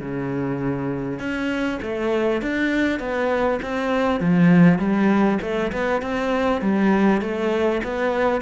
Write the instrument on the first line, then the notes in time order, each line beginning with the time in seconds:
cello
0.00 C#3
1.19 C#4
1.82 A3
2.42 D4
2.99 B3
3.62 C4
4.20 F3
4.78 G3
5.42 A3
5.72 B3
6.02 C4
6.61 G3
7.21 A3
7.83 B3